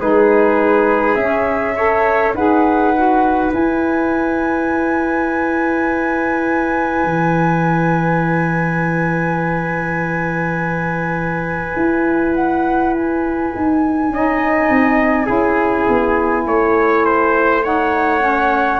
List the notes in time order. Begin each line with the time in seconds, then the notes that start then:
0.00 G#3 D#4 G#4 B4
1.15 C#4 E5
1.76 A4 C#5
2.34 D#4 G#4 B4 F#5
2.96 F#4
3.53 E4 G#5
7.04 E3
11.76 E4
12.35 F#5
12.94 G#5
13.55 D#4
14.10 C#4 D#4 D#5
14.70 C4
15.26 C#4 E4 G#4
15.89 B3
16.46 A3 C#5
17.06 C5
17.64 D#4 C#5 F#5
18.21 C#4